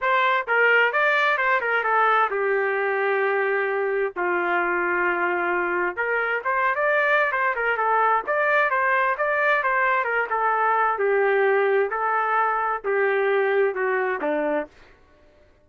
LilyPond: \new Staff \with { instrumentName = "trumpet" } { \time 4/4 \tempo 4 = 131 c''4 ais'4 d''4 c''8 ais'8 | a'4 g'2.~ | g'4 f'2.~ | f'4 ais'4 c''8. d''4~ d''16 |
c''8 ais'8 a'4 d''4 c''4 | d''4 c''4 ais'8 a'4. | g'2 a'2 | g'2 fis'4 d'4 | }